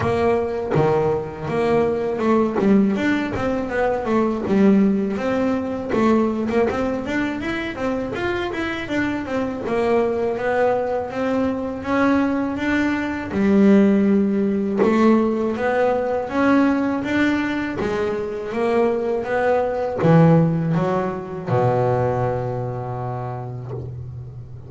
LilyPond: \new Staff \with { instrumentName = "double bass" } { \time 4/4 \tempo 4 = 81 ais4 dis4 ais4 a8 g8 | d'8 c'8 b8 a8 g4 c'4 | a8. ais16 c'8 d'8 e'8 c'8 f'8 e'8 | d'8 c'8 ais4 b4 c'4 |
cis'4 d'4 g2 | a4 b4 cis'4 d'4 | gis4 ais4 b4 e4 | fis4 b,2. | }